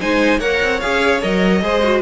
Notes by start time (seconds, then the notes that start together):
0.00 G#3 D#4 C5 G#5
0.39 A#3 A#4 C#5 F#5
0.61 C4
0.80 C#4 G#4 F5
1.21 F#3 A#4 D#5
1.61 G#3 G#4 C5
1.83 F#4